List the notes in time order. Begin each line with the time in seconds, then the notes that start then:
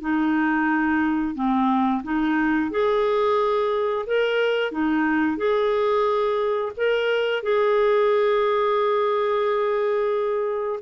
0.00 D#4
1.35 C4
2.03 D#4
2.71 G#4
4.06 A#4
4.71 D#4
5.37 G#4
6.77 A#4
7.42 G#4